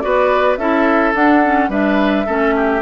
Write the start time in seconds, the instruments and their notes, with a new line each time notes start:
0.00 bassoon B3, clarinet F#4, oboe B4, flute D5
0.57 bassoon C#4, clarinet E4, oboe A4, flute E5
1.14 bassoon D4, clarinet D4, flute F#5
1.43 clarinet C#4
1.69 bassoon G3, clarinet D4, oboe B4, flute E5
2.26 bassoon A3, clarinet C#4, oboe A4
2.56 oboe G4